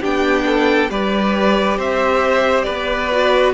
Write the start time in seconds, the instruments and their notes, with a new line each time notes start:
0.00 cello B3, viola D4, violin G4 G5
0.46 violin A4
0.89 cello G3, viola G4, violin B4 D5
1.77 cello C4, violin C5 E5
2.62 cello B3, violin B4 D5
3.11 viola F#4